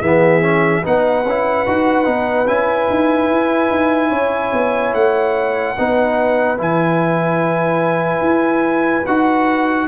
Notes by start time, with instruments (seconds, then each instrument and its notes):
0.00 tuba E3, trombone B3, horn G#4, trumpet E5
0.42 trombone C#4
0.82 tuba B3, trombone D#4, horn B4, trumpet F#5
1.25 tuba C#4, trombone E4
1.67 tuba D#4, trombone F#4
2.04 tuba B3, trombone D#4
2.47 tuba C#4, trombone E4, trumpet G#5
2.89 tuba D#4
3.29 tuba E4
3.70 tuba D#4
4.09 tuba C#4, horn C#5
4.53 tuba B3
4.94 tuba A3, trumpet F#5
5.78 tuba B3, trombone D#4, horn B4
6.57 tuba E3, trombone E4, trumpet G#5
8.21 tuba E4
9.06 tuba D#4, trombone F#4, trumpet F#5